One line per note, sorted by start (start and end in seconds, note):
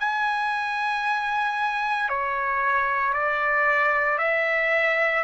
0.00 2.09 G#5
2.09 3.13 C#5
3.13 4.18 D5
4.18 5.23 E5